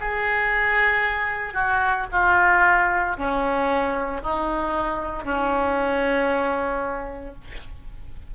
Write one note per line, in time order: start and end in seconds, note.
0.00 1.53 G#4
1.53 2.06 F#4
2.11 3.16 F4
3.17 4.22 C#4
4.22 5.24 D#4
5.24 7.34 C#4